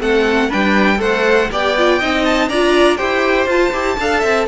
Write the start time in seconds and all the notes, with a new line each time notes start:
0.00 A3 C4 A4 F#5
0.48 G3 D4 B4 G5
0.97 A3 A4 C5 F#5
1.51 B3 G4 D5 G5
1.77 F4
1.99 C4 D#4 D#5
2.25 A5
2.49 D4 F4 D5 A#5
2.96 E4 G4 C5 G5
3.46 F4 A5
3.72 E4 G4
3.99 D4 A4 F5
4.20 C4 E5